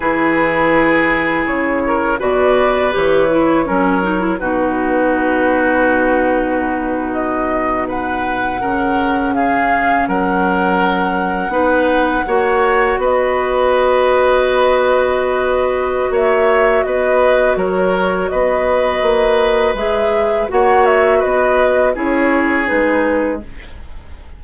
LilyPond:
<<
  \new Staff \with { instrumentName = "flute" } { \time 4/4 \tempo 4 = 82 b'2 cis''4 d''4 | cis''2 b'2~ | b'4.~ b'16 dis''4 fis''4~ fis''16~ | fis''8. f''4 fis''2~ fis''16~ |
fis''4.~ fis''16 dis''2~ dis''16~ | dis''2 e''4 dis''4 | cis''4 dis''2 e''4 | fis''8 e''8 dis''4 cis''4 b'4 | }
  \new Staff \with { instrumentName = "oboe" } { \time 4/4 gis'2~ gis'8 ais'8 b'4~ | b'4 ais'4 fis'2~ | fis'2~ fis'8. b'4 ais'16~ | ais'8. gis'4 ais'2 b'16~ |
b'8. cis''4 b'2~ b'16~ | b'2 cis''4 b'4 | ais'4 b'2. | cis''4 b'4 gis'2 | }
  \new Staff \with { instrumentName = "clarinet" } { \time 4/4 e'2. fis'4 | g'8 e'8 cis'8 dis'16 e'16 dis'2~ | dis'2.~ dis'8. cis'16~ | cis'2.~ cis'8. dis'16~ |
dis'8. fis'2.~ fis'16~ | fis'1~ | fis'2. gis'4 | fis'2 e'4 dis'4 | }
  \new Staff \with { instrumentName = "bassoon" } { \time 4/4 e2 cis4 b,4 | e4 fis4 b,2~ | b,2.~ b,8. cis16~ | cis4.~ cis16 fis2 b16~ |
b8. ais4 b2~ b16~ | b2 ais4 b4 | fis4 b4 ais4 gis4 | ais4 b4 cis'4 gis4 | }
>>